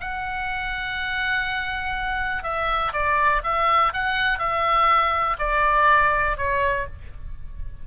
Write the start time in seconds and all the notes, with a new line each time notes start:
0.00 F#5
2.43 E5
2.93 D5
3.43 E5
3.93 F#5
4.38 E5
5.39 D5
6.37 C#5